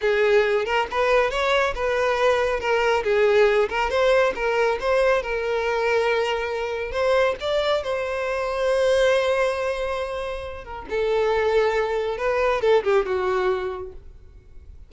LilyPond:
\new Staff \with { instrumentName = "violin" } { \time 4/4 \tempo 4 = 138 gis'4. ais'8 b'4 cis''4 | b'2 ais'4 gis'4~ | gis'8 ais'8 c''4 ais'4 c''4 | ais'1 |
c''4 d''4 c''2~ | c''1~ | c''8 ais'8 a'2. | b'4 a'8 g'8 fis'2 | }